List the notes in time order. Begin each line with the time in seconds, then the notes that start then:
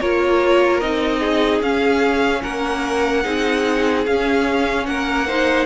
0.00 A#3 F4 A#4 C#5
0.80 C4 D#4 D#5
1.19 G#4
1.61 C#4 F5
2.42 A#3 A#4 F#5
3.23 C4 D#4 G#4
4.05 C#4 F5
4.86 A#3 A#4 F#5
5.27 D#4 C5